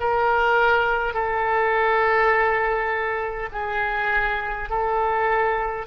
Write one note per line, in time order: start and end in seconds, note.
0.00 1.13 A#4
1.13 3.49 A4
3.52 4.69 G#4
4.69 5.87 A4